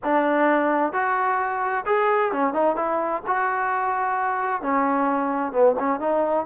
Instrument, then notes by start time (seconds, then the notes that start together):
trombone
0.03 D4
0.92 F#4
1.86 G#4
2.31 C#4
2.53 D#4
2.76 E4
3.26 F#4
4.62 C#4
5.52 B3
5.79 C#4
5.99 D#4